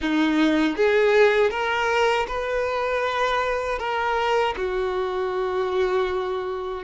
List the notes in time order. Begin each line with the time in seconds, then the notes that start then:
0.01 D#4
0.76 G#4
1.50 A#4
2.28 B4
3.78 A#4
4.56 F#4